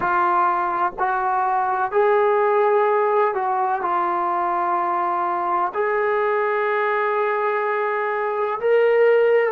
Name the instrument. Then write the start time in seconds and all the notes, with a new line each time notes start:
trombone
0.00 F4
0.98 F#4
1.91 G#4
3.34 F#4
3.81 F4
5.74 G#4
8.60 A#4